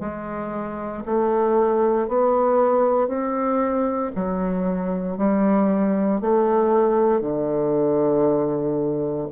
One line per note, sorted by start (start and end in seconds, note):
0.00 1.03 G#3
1.05 2.08 A3
2.08 3.08 B3
3.08 4.11 C4
4.15 5.17 F#3
5.17 6.21 G3
6.21 7.21 A3
7.21 9.28 D3